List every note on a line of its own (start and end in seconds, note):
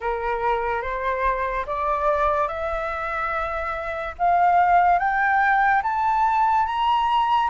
0.00 0.82 A#4
0.82 1.65 C5
1.66 2.48 D5
2.48 4.14 E5
4.18 4.98 F5
4.98 5.81 G5
5.83 6.66 A5
6.66 7.49 A#5